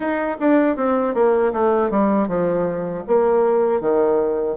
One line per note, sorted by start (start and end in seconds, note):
0.00 0.37 D#4
0.40 0.76 D4
0.76 1.14 C4
1.14 1.52 A#3
1.52 1.90 A3
1.90 2.28 G3
2.28 3.03 F3
3.07 3.80 A#3
3.80 4.56 D#3